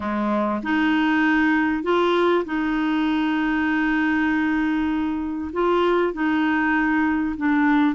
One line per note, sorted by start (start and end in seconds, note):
0.00 0.60 G#3
0.63 1.83 D#4
1.83 2.44 F4
2.45 5.51 D#4
5.52 6.13 F4
6.13 7.35 D#4
7.36 7.95 D4